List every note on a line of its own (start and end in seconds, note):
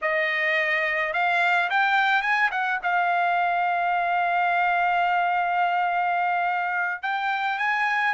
0.01 1.13 D#5
1.13 1.69 F5
1.70 2.22 G5
2.22 2.50 G#5
2.51 2.79 F#5
2.83 7.02 F5
7.02 7.58 G5
7.58 8.14 G#5